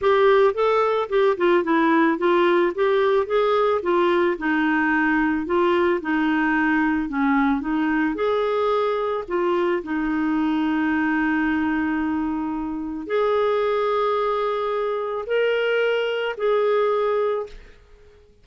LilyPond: \new Staff \with { instrumentName = "clarinet" } { \time 4/4 \tempo 4 = 110 g'4 a'4 g'8 f'8 e'4 | f'4 g'4 gis'4 f'4 | dis'2 f'4 dis'4~ | dis'4 cis'4 dis'4 gis'4~ |
gis'4 f'4 dis'2~ | dis'1 | gis'1 | ais'2 gis'2 | }